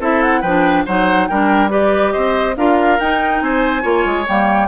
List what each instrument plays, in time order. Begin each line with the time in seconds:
0.00 bassoon C4, clarinet E4, oboe A4, flute E5
0.22 flute F#5
0.41 bassoon F3, oboe B4, flute G5
0.47 clarinet D4
0.85 bassoon F#3, clarinet D#4, oboe C5, flute F#5
1.27 bassoon G3, clarinet D4, oboe A#4, flute G5
1.70 clarinet G4, oboe B4, flute D5
2.12 bassoon C4, oboe C5, flute D#5
2.56 bassoon D4, clarinet F4, oboe A#4, flute F5
2.99 bassoon D#4, clarinet D#4, flute G5
3.41 bassoon C4, oboe C5, flute G#5
3.82 bassoon A#3, clarinet F4, oboe C#5
4.05 bassoon G#3
4.28 bassoon G3, clarinet A#3, flute G5